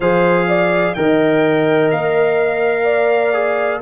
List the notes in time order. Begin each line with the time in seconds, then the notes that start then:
0.00 F3 G#4 C5 F5
0.47 D5
0.93 D#3 A#4 D#5 G5
1.90 A#3 F5
2.84 D5
3.33 G#4